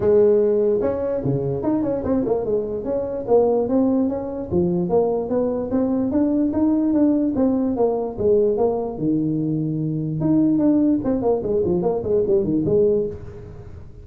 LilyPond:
\new Staff \with { instrumentName = "tuba" } { \time 4/4 \tempo 4 = 147 gis2 cis'4 cis4 | dis'8 cis'8 c'8 ais8 gis4 cis'4 | ais4 c'4 cis'4 f4 | ais4 b4 c'4 d'4 |
dis'4 d'4 c'4 ais4 | gis4 ais4 dis2~ | dis4 dis'4 d'4 c'8 ais8 | gis8 f8 ais8 gis8 g8 dis8 gis4 | }